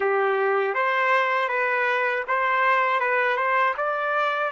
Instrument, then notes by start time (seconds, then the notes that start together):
trumpet
0.00 G4
0.74 C5
1.48 B4
2.27 C5
3.00 B4
3.36 C5
3.77 D5